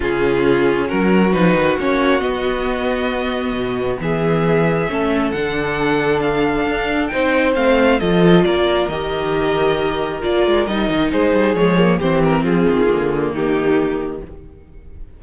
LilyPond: <<
  \new Staff \with { instrumentName = "violin" } { \time 4/4 \tempo 4 = 135 gis'2 ais'4 b'4 | cis''4 dis''2.~ | dis''4 e''2. | fis''2 f''2 |
g''4 f''4 dis''4 d''4 | dis''2. d''4 | dis''4 c''4 cis''4 c''8 ais'8 | gis'2 g'2 | }
  \new Staff \with { instrumentName = "violin" } { \time 4/4 f'2 fis'2~ | fis'1~ | fis'4 gis'2 a'4~ | a'1 |
c''2 a'4 ais'4~ | ais'1~ | ais'4 gis'2 g'4 | f'2 dis'2 | }
  \new Staff \with { instrumentName = "viola" } { \time 4/4 cis'2. dis'4 | cis'4 b2.~ | b2. cis'4 | d'1 |
dis'4 c'4 f'2 | g'2. f'4 | dis'2 gis8 ais8 c'4~ | c'4 ais2. | }
  \new Staff \with { instrumentName = "cello" } { \time 4/4 cis2 fis4 f8 dis8 | ais4 b2. | b,4 e2 a4 | d2. d'4 |
c'4 a4 f4 ais4 | dis2. ais8 gis8 | g8 dis8 gis8 g8 f4 e4 | f8 dis8 d4 dis2 | }
>>